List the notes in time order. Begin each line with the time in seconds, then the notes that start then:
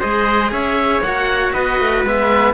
0.00 G#3 G#4 C5 D#5
0.52 C#4 C#5 E5
1.01 A#3 F#4 F#5
1.53 B3 B4 D#5
1.80 A3
2.03 G#3 B3 E5